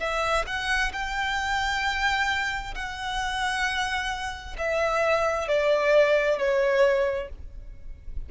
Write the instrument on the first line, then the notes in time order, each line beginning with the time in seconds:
violin
0.00 E5
0.47 F#5
0.93 G5
2.75 F#5
4.58 E5
5.48 D5
6.39 C#5